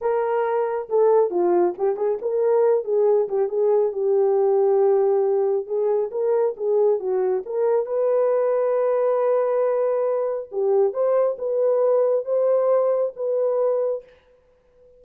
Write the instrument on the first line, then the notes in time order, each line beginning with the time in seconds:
horn
0.01 A#4
0.89 A4
1.30 F4
1.77 G4
1.96 G#4
2.21 A#4
2.84 G#4
3.28 G4
3.48 G#4
3.92 G4
5.66 G#4
6.11 A#4
6.57 G#4
6.99 F#4
7.45 A#4
7.86 B4
10.51 G4
10.93 C5
11.38 B4
12.25 C5
13.16 B4